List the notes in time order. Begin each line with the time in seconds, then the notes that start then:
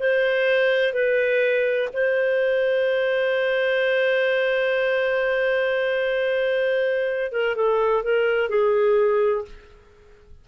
0.00 C5
0.94 B4
1.94 C5
7.33 A#4
7.56 A4
8.04 A#4
8.50 G#4